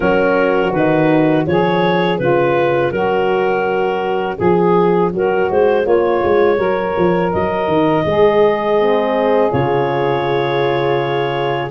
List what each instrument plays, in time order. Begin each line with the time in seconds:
0.00 tuba F#3, horn C#4, saxophone F#4, clarinet A#4
0.72 tuba D#3, horn D#4, clarinet B4
1.46 tuba F3, horn C#4, saxophone G#4, clarinet C#5
2.18 tuba C#3, saxophone F4, clarinet B4
2.91 tuba F#3, saxophone F#4, clarinet A#4
4.36 tuba F3, saxophone G#4, clarinet G#4
5.13 tuba F#3, saxophone F#4, clarinet A#4
5.50 tuba G#3, clarinet C5
5.82 tuba A#3, saxophone F4, clarinet C#5
6.23 tuba G#3
6.57 tuba F#3, saxophone A#4
6.97 tuba F3
7.32 tuba F#3, clarinet D#5
7.67 tuba D#3
8.05 tuba G#3, saxophone G#4
8.79 horn C4
9.51 tuba C#3, horn F4, clarinet C#5